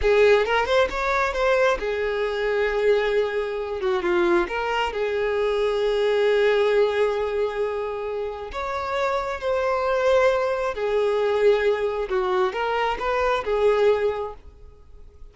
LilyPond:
\new Staff \with { instrumentName = "violin" } { \time 4/4 \tempo 4 = 134 gis'4 ais'8 c''8 cis''4 c''4 | gis'1~ | gis'8 fis'8 f'4 ais'4 gis'4~ | gis'1~ |
gis'2. cis''4~ | cis''4 c''2. | gis'2. fis'4 | ais'4 b'4 gis'2 | }